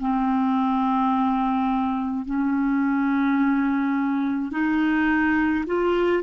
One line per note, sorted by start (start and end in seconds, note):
0.00 2.26 C4
2.26 4.52 C#4
4.52 5.65 D#4
5.67 6.23 F4